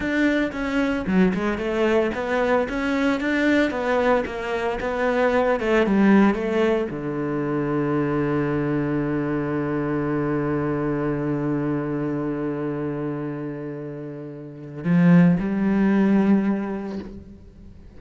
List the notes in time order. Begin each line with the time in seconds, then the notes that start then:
0.00 D4
0.52 C#4
1.06 F#3
1.34 G#3
1.57 A3
2.14 B3
2.68 C#4
3.20 D4
3.70 B3
4.25 A#3
4.80 B3
5.60 A3
5.86 G3
6.34 A3
6.90 D3
14.84 F3
15.39 G3